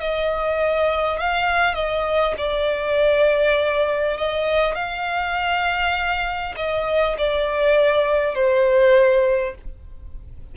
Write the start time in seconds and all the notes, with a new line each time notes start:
0.00 D#5
1.19 F5
1.74 D#5
2.37 D5
4.17 D#5
4.75 F5
6.56 D#5
7.18 D5
8.35 C5